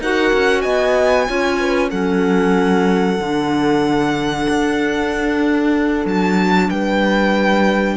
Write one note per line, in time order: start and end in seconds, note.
0.00 0.32 D#4
0.00 1.27 F#4
0.00 0.62 A#4
0.00 0.61 F#5
0.33 0.64 C#4
0.61 1.28 B3
0.61 1.25 D#5
0.61 1.89 G#5
1.27 1.91 C#4
1.27 1.90 F4
1.27 1.59 C#5
1.59 1.90 B4
1.90 3.19 F#3
1.90 3.18 C#4
1.90 6.68 A4
1.90 6.05 F#5
3.19 4.47 D3
3.19 7.97 D4
4.49 6.05 D4
6.05 6.69 F#3
6.05 6.69 A5
6.69 7.97 G3
6.69 7.97 B4
6.69 7.97 G5